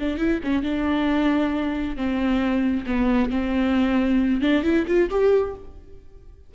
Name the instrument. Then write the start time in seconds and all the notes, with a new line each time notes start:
viola
0.00 D4
0.18 E4
0.44 C#4
0.63 D4
1.97 C4
2.87 B3
3.31 C4
4.42 D4
4.64 E4
4.88 F4
5.10 G4